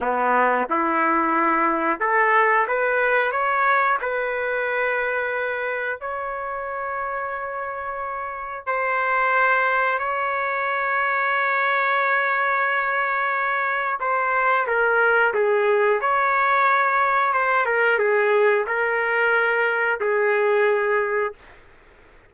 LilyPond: \new Staff \with { instrumentName = "trumpet" } { \time 4/4 \tempo 4 = 90 b4 e'2 a'4 | b'4 cis''4 b'2~ | b'4 cis''2.~ | cis''4 c''2 cis''4~ |
cis''1~ | cis''4 c''4 ais'4 gis'4 | cis''2 c''8 ais'8 gis'4 | ais'2 gis'2 | }